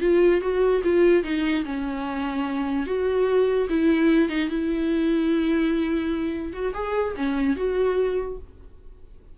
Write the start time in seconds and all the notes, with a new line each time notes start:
0.00 F4
0.41 F#4
0.83 F4
1.23 D#4
1.65 C#4
2.86 F#4
3.69 E4
4.29 D#4
4.49 E4
6.53 F#4
6.73 G#4
7.16 C#4
7.56 F#4